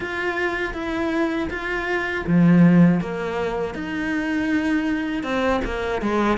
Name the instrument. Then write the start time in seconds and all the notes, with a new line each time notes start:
cello
0.00 F4
0.74 E4
1.50 F4
2.26 F3
3.00 A#3
3.74 D#4
5.23 C4
5.64 A#3
6.01 G#3